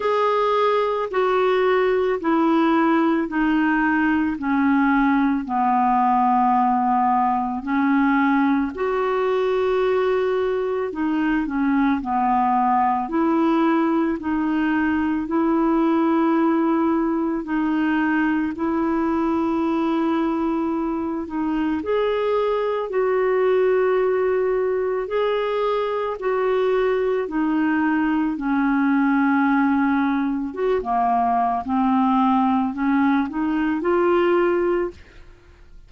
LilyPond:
\new Staff \with { instrumentName = "clarinet" } { \time 4/4 \tempo 4 = 55 gis'4 fis'4 e'4 dis'4 | cis'4 b2 cis'4 | fis'2 dis'8 cis'8 b4 | e'4 dis'4 e'2 |
dis'4 e'2~ e'8 dis'8 | gis'4 fis'2 gis'4 | fis'4 dis'4 cis'2 | fis'16 ais8. c'4 cis'8 dis'8 f'4 | }